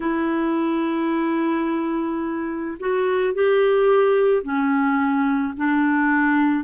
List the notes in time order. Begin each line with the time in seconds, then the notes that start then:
0.00 E4
2.79 F#4
3.33 G4
4.42 C#4
5.56 D4